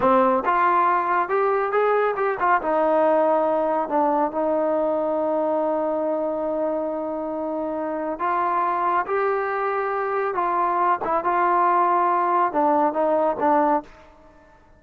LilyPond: \new Staff \with { instrumentName = "trombone" } { \time 4/4 \tempo 4 = 139 c'4 f'2 g'4 | gis'4 g'8 f'8 dis'2~ | dis'4 d'4 dis'2~ | dis'1~ |
dis'2. f'4~ | f'4 g'2. | f'4. e'8 f'2~ | f'4 d'4 dis'4 d'4 | }